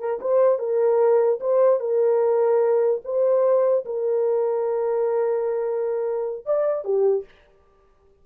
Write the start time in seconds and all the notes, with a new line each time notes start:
0.00 A#4
0.21 C5
0.59 A#4
1.40 C5
1.80 A#4
3.05 C5
3.85 A#4
6.46 D5
6.85 G4